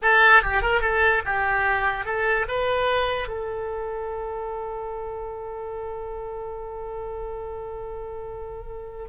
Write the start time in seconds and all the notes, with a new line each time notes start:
0.02 A4
0.42 G4
0.61 A#4
0.81 A4
1.25 G4
2.05 A4
2.47 B4
3.28 A4